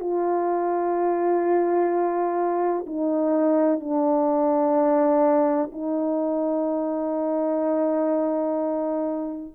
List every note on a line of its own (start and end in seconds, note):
0.00 2.86 F4
2.87 3.80 D#4
3.80 5.71 D4
5.72 9.53 D#4